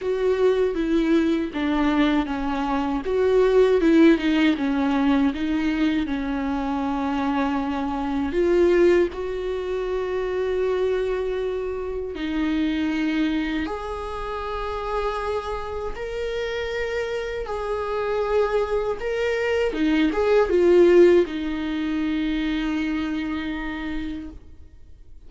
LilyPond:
\new Staff \with { instrumentName = "viola" } { \time 4/4 \tempo 4 = 79 fis'4 e'4 d'4 cis'4 | fis'4 e'8 dis'8 cis'4 dis'4 | cis'2. f'4 | fis'1 |
dis'2 gis'2~ | gis'4 ais'2 gis'4~ | gis'4 ais'4 dis'8 gis'8 f'4 | dis'1 | }